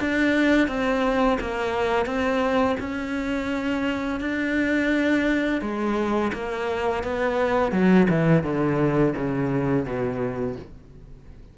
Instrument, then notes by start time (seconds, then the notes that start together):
cello
0.00 D4
0.67 C4
1.40 A#3
2.05 C4
2.79 C#4
4.20 D4
5.61 G#3
6.33 A#3
7.03 B3
7.72 F#3
8.09 E3
8.43 D3
9.16 C#3
9.85 B2